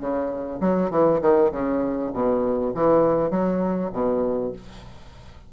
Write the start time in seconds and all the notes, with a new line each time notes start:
0.00 C#3
0.60 F#3
0.90 E3
1.21 D#3
1.51 C#3
2.13 B2
2.74 E3
3.30 F#3
3.92 B2